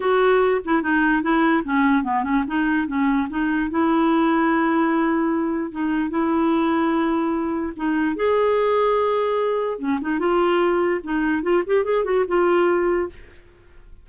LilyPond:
\new Staff \with { instrumentName = "clarinet" } { \time 4/4 \tempo 4 = 147 fis'4. e'8 dis'4 e'4 | cis'4 b8 cis'8 dis'4 cis'4 | dis'4 e'2.~ | e'2 dis'4 e'4~ |
e'2. dis'4 | gis'1 | cis'8 dis'8 f'2 dis'4 | f'8 g'8 gis'8 fis'8 f'2 | }